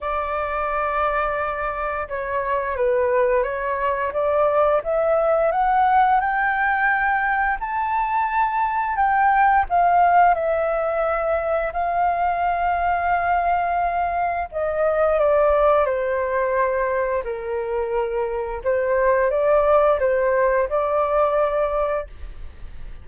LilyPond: \new Staff \with { instrumentName = "flute" } { \time 4/4 \tempo 4 = 87 d''2. cis''4 | b'4 cis''4 d''4 e''4 | fis''4 g''2 a''4~ | a''4 g''4 f''4 e''4~ |
e''4 f''2.~ | f''4 dis''4 d''4 c''4~ | c''4 ais'2 c''4 | d''4 c''4 d''2 | }